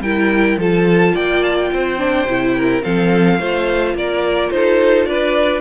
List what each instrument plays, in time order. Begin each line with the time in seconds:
0.00 cello G3, viola E4, violin A#4 G5
0.57 cello F3, viola F4, violin A4 A5
1.15 cello A#3, violin D5 G5
1.43 violin A5
1.57 violin G5
1.72 cello C4, violin C5
1.98 viola D4
2.25 cello C3, viola E4
2.56 violin A#4
2.83 cello F3, viola C4, violin A4 F5
3.40 cello A3, viola F4, violin C5
3.94 cello A#3, violin A#4 D5
4.51 cello D#4, violin A4 C5
5.05 cello D4, violin B4 D5